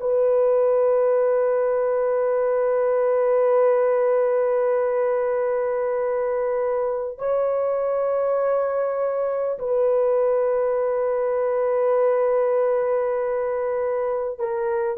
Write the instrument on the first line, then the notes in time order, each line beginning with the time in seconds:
horn
0.00 B4
7.18 C#5
9.59 B4
14.39 A#4